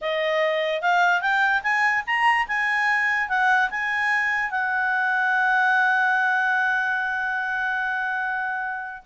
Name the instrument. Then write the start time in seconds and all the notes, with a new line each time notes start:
clarinet
0.01 D#5
0.81 F5
1.21 G5
1.63 G#5
2.06 A#5
2.47 G#5
3.28 F#5
3.70 G#5
4.50 F#5